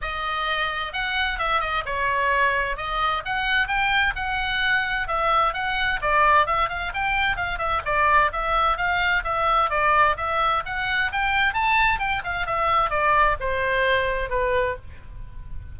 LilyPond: \new Staff \with { instrumentName = "oboe" } { \time 4/4 \tempo 4 = 130 dis''2 fis''4 e''8 dis''8 | cis''2 dis''4 fis''4 | g''4 fis''2 e''4 | fis''4 d''4 e''8 f''8 g''4 |
f''8 e''8 d''4 e''4 f''4 | e''4 d''4 e''4 fis''4 | g''4 a''4 g''8 f''8 e''4 | d''4 c''2 b'4 | }